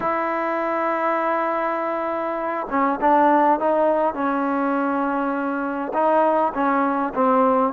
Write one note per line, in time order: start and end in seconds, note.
0.00 2.67 E4
2.69 2.99 C#4
3.00 3.59 D4
3.59 4.14 D#4
4.14 5.92 C#4
5.93 6.53 D#4
6.53 7.13 C#4
7.14 7.73 C4